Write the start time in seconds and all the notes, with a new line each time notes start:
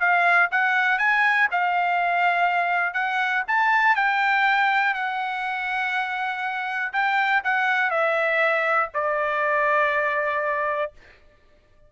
0.00 F5
0.52 F#5
0.99 G#5
1.52 F5
2.94 F#5
3.48 A5
3.96 G5
4.94 F#5
6.93 G5
7.44 F#5
7.91 E5
8.94 D5